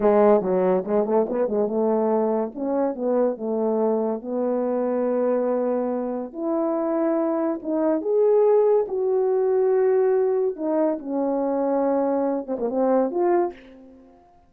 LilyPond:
\new Staff \with { instrumentName = "horn" } { \time 4/4 \tempo 4 = 142 gis4 fis4 gis8 a8 b8 gis8 | a2 cis'4 b4 | a2 b2~ | b2. e'4~ |
e'2 dis'4 gis'4~ | gis'4 fis'2.~ | fis'4 dis'4 cis'2~ | cis'4. c'16 ais16 c'4 f'4 | }